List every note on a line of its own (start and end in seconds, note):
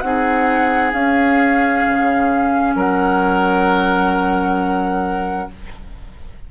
0.00 0.92 C4
0.00 0.93 D#4
0.00 2.76 G#4
0.00 0.91 F#5
0.92 1.83 C#4
0.92 5.48 C#4
0.92 2.74 F5
1.86 2.75 C#3
2.75 5.47 F#3
2.75 5.48 A#4
2.75 5.51 F#5